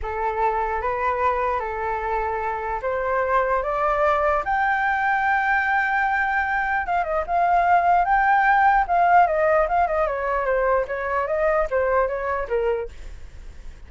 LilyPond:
\new Staff \with { instrumentName = "flute" } { \time 4/4 \tempo 4 = 149 a'2 b'2 | a'2. c''4~ | c''4 d''2 g''4~ | g''1~ |
g''4 f''8 dis''8 f''2 | g''2 f''4 dis''4 | f''8 dis''8 cis''4 c''4 cis''4 | dis''4 c''4 cis''4 ais'4 | }